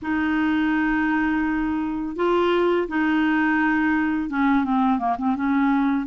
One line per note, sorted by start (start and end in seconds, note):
0.02 2.16 D#4
2.16 2.87 F4
2.88 4.29 D#4
4.29 4.64 C#4
4.64 4.98 C4
4.98 5.16 A#3
5.18 5.35 C4
5.35 6.06 C#4